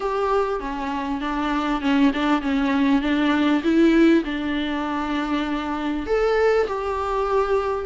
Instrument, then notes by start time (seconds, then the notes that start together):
viola
0.00 G4
0.60 C#4
1.20 D4
1.81 C#4
2.13 D4
2.41 C#4
3.01 D4
3.63 E4
4.24 D4
6.06 A4
6.67 G4